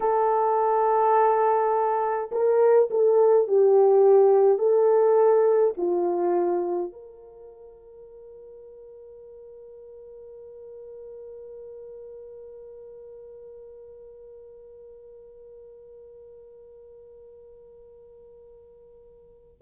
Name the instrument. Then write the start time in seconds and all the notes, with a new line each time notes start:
horn
0.00 A4
2.31 A#4
2.90 A4
3.47 G4
4.58 A4
5.77 F4
6.92 A#4